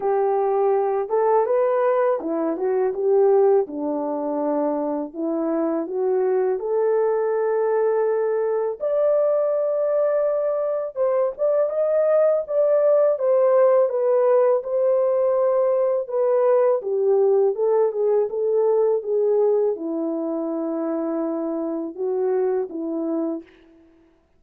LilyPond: \new Staff \with { instrumentName = "horn" } { \time 4/4 \tempo 4 = 82 g'4. a'8 b'4 e'8 fis'8 | g'4 d'2 e'4 | fis'4 a'2. | d''2. c''8 d''8 |
dis''4 d''4 c''4 b'4 | c''2 b'4 g'4 | a'8 gis'8 a'4 gis'4 e'4~ | e'2 fis'4 e'4 | }